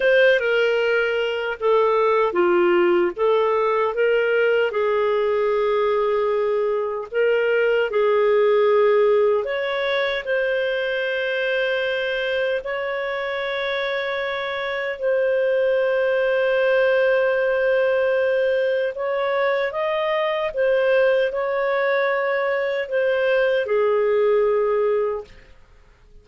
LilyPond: \new Staff \with { instrumentName = "clarinet" } { \time 4/4 \tempo 4 = 76 c''8 ais'4. a'4 f'4 | a'4 ais'4 gis'2~ | gis'4 ais'4 gis'2 | cis''4 c''2. |
cis''2. c''4~ | c''1 | cis''4 dis''4 c''4 cis''4~ | cis''4 c''4 gis'2 | }